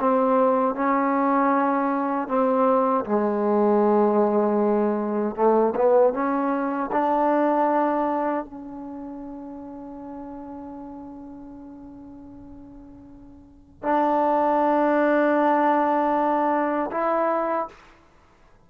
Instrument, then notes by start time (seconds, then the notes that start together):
trombone
0.00 C4
0.75 C#4
2.28 C4
3.05 G#3
5.36 A3
5.76 B3
6.14 C#4
6.92 D4
8.45 C#4
13.83 D4
16.91 E4